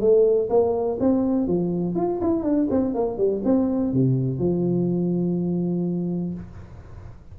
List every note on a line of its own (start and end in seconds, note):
0.00 0.49 A3
0.49 0.98 A#3
1.00 1.47 C4
1.47 1.95 F3
1.95 2.20 F4
2.21 2.43 E4
2.43 2.67 D4
2.70 2.94 C4
2.94 3.18 A#3
3.18 3.42 G3
3.44 3.93 C4
3.93 4.39 C3
4.39 6.34 F3